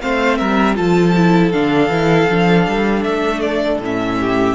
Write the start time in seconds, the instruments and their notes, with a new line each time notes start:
0.00 cello A3, viola C4, violin C5 F5
0.37 cello G3, violin A#4 E5
0.75 cello F3, viola F4, violin A4 A5
1.15 viola E4
1.52 cello D3, viola D4, violin F5
1.88 cello E3, viola E4
2.30 cello F3, viola D4
2.67 cello G3
3.03 cello A3, violin E5
3.41 violin D5
3.79 cello A2, viola C#4
3.85 violin E5
4.20 violin G4